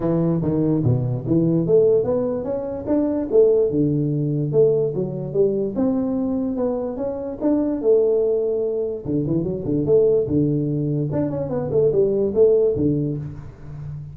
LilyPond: \new Staff \with { instrumentName = "tuba" } { \time 4/4 \tempo 4 = 146 e4 dis4 b,4 e4 | a4 b4 cis'4 d'4 | a4 d2 a4 | fis4 g4 c'2 |
b4 cis'4 d'4 a4~ | a2 d8 e8 fis8 d8 | a4 d2 d'8 cis'8 | b8 a8 g4 a4 d4 | }